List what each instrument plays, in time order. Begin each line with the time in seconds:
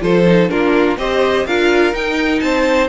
0.00 cello F3, viola F4, violin A4 C5
0.27 viola D#4
0.49 cello A#3, viola D4, violin F4 A#4
0.97 cello C4, viola G4, violin C5 D#5
1.46 cello D4, viola F4, violin A#4 F5
1.93 cello D#4, viola D#4, violin G5
2.39 cello C4, violin C5 A5